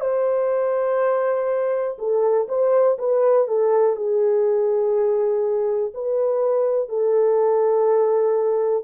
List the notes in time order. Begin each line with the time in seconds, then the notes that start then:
0.00 C5
1.98 A4
2.48 C5
2.98 B4
3.47 A4
3.95 G#4
5.94 B4
6.89 A4